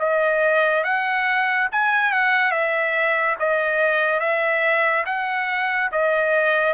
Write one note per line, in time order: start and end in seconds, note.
0.00 0.84 D#5
0.84 1.69 F#5
1.72 2.12 G#5
2.12 2.52 F#5
2.52 3.36 E5
3.40 4.20 D#5
4.20 5.05 E5
5.06 5.90 F#5
5.92 6.74 D#5